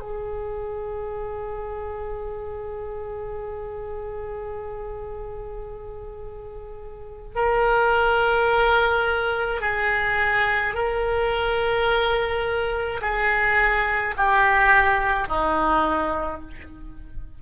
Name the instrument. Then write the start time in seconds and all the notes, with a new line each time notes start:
oboe
0.00 G#4
7.35 A#4
9.61 G#4
10.74 A#4
13.01 G#4
14.17 G4
15.28 D#4